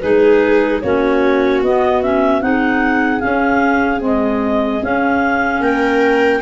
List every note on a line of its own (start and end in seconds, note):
0.00 0.83 G#3
0.00 0.83 D#4
0.00 0.83 G#4
0.00 0.80 B4
0.81 1.62 A#3
0.81 1.64 C#4
0.81 2.43 F#4
0.81 1.61 C#5
1.62 2.42 B3
1.62 2.03 B3
1.62 2.02 D#5
2.02 2.41 C#4
2.02 2.42 E5
2.41 3.22 C4
2.41 3.21 D#4
2.41 5.62 G#4
2.41 3.20 F#5
3.20 4.00 C#4
3.20 4.01 C#4
3.20 4.00 F5
4.00 4.80 G#3
4.00 4.81 C4
4.00 4.84 D#5
4.82 6.42 C#4
4.82 5.60 C#4
4.82 5.62 F5
5.60 6.40 A#3
5.60 6.42 A#4
5.60 6.42 G5